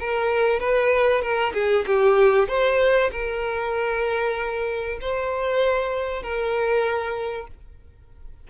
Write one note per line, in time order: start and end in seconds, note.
0.00 0.60 A#4
0.60 1.22 B4
1.22 1.53 A#4
1.54 1.85 G#4
1.87 2.48 G4
2.48 3.11 C5
3.11 4.99 A#4
5.01 6.22 C5
6.22 7.47 A#4